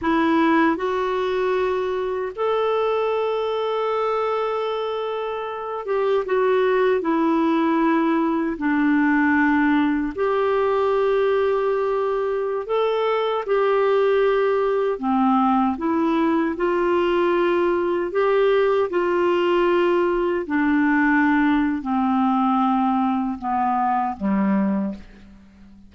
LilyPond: \new Staff \with { instrumentName = "clarinet" } { \time 4/4 \tempo 4 = 77 e'4 fis'2 a'4~ | a'2.~ a'8 g'8 | fis'4 e'2 d'4~ | d'4 g'2.~ |
g'16 a'4 g'2 c'8.~ | c'16 e'4 f'2 g'8.~ | g'16 f'2 d'4.~ d'16 | c'2 b4 g4 | }